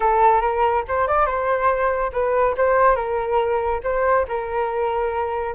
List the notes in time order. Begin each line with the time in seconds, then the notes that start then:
0.00 A4
0.41 A#4
0.88 C5
1.07 D5
1.26 C5
2.12 B4
2.57 C5
2.95 A#4
3.83 C5
4.28 A#4